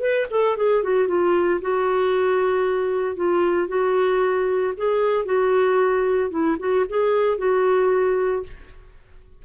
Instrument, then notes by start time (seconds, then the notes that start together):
clarinet
0.00 B4
0.30 A4
0.57 G#4
0.83 F#4
1.08 F4
1.61 F#4
3.16 F4
3.68 F#4
4.77 G#4
5.25 F#4
6.30 E4
6.59 F#4
6.89 G#4
7.38 F#4